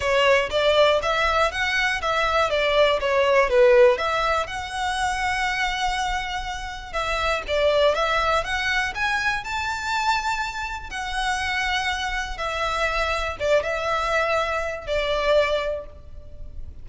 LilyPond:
\new Staff \with { instrumentName = "violin" } { \time 4/4 \tempo 4 = 121 cis''4 d''4 e''4 fis''4 | e''4 d''4 cis''4 b'4 | e''4 fis''2.~ | fis''2 e''4 d''4 |
e''4 fis''4 gis''4 a''4~ | a''2 fis''2~ | fis''4 e''2 d''8 e''8~ | e''2 d''2 | }